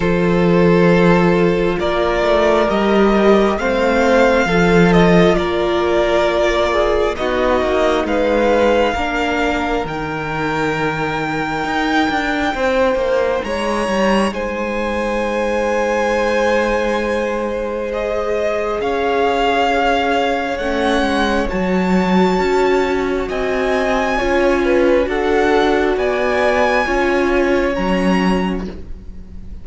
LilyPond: <<
  \new Staff \with { instrumentName = "violin" } { \time 4/4 \tempo 4 = 67 c''2 d''4 dis''4 | f''4. dis''8 d''2 | dis''4 f''2 g''4~ | g''2. ais''4 |
gis''1 | dis''4 f''2 fis''4 | a''2 gis''2 | fis''4 gis''2 ais''4 | }
  \new Staff \with { instrumentName = "violin" } { \time 4/4 a'2 ais'2 | c''4 a'4 ais'4. gis'8 | fis'4 b'4 ais'2~ | ais'2 c''4 cis''4 |
c''1~ | c''4 cis''2.~ | cis''2 dis''4 cis''8 b'8 | a'4 d''4 cis''2 | }
  \new Staff \with { instrumentName = "viola" } { \time 4/4 f'2. g'4 | c'4 f'2. | dis'2 d'4 dis'4~ | dis'1~ |
dis'1 | gis'2. cis'4 | fis'2. f'4 | fis'2 f'4 cis'4 | }
  \new Staff \with { instrumentName = "cello" } { \time 4/4 f2 ais8 a8 g4 | a4 f4 ais2 | b8 ais8 gis4 ais4 dis4~ | dis4 dis'8 d'8 c'8 ais8 gis8 g8 |
gis1~ | gis4 cis'2 a8 gis8 | fis4 cis'4 c'4 cis'4 | d'4 b4 cis'4 fis4 | }
>>